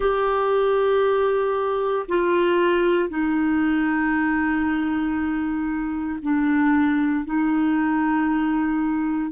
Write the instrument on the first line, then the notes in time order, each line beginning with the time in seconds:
clarinet
0.00 G4
2.08 F4
3.08 D#4
6.22 D4
7.25 D#4